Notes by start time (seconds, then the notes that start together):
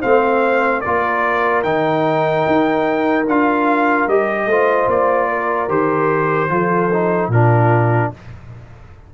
0.00 A3 C4 C5 F5
0.81 A#3 F4 A#4 D5
1.63 D#3 D#4 G5
2.47 D#4
3.27 D4 F4 F5
4.07 G3 G4 D#5
4.46 A3 F4 C5
4.87 A#3 D5
5.29 A#4
5.68 D#3 G4 C5
6.49 F3 F4 A4
6.92 D#4
7.28 A#2 D4 F4 A#4